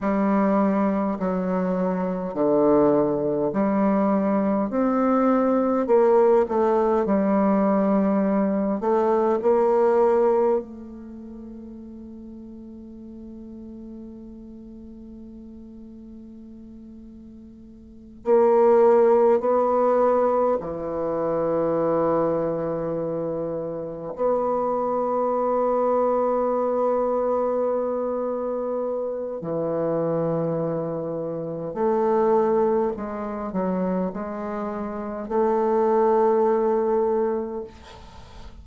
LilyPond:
\new Staff \with { instrumentName = "bassoon" } { \time 4/4 \tempo 4 = 51 g4 fis4 d4 g4 | c'4 ais8 a8 g4. a8 | ais4 a2.~ | a2.~ a8 ais8~ |
ais8 b4 e2~ e8~ | e8 b2.~ b8~ | b4 e2 a4 | gis8 fis8 gis4 a2 | }